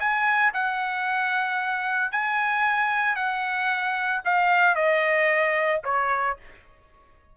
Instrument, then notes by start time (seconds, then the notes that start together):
trumpet
0.00 G#5
0.54 F#5
2.12 G#5
3.16 F#5
4.25 F5
4.76 D#5
5.85 C#5